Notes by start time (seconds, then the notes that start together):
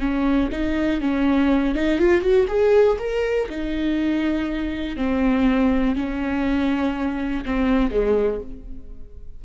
0.00 C#4
0.52 D#4
1.01 C#4
1.75 D#4
1.99 F4
2.22 F#4
2.48 G#4
2.99 A#4
3.49 D#4
4.97 C4
5.96 C#4
7.46 C4
7.91 G#3